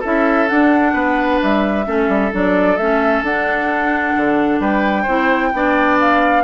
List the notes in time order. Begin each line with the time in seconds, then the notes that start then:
0.00 C#4 E4 A4 E5
0.48 D4 F#5
0.93 B3 B4
1.42 G3 E5
1.85 A3 C#4 A4
2.08 G3
2.32 F#3 D4 D5
2.77 A3 C#4 E5
3.22 D4 F#5
3.28 D4
4.16 D3
4.60 G3 B4 G5
5.02 C4 E4 C5
5.53 B3 D4 D5
6.00 F5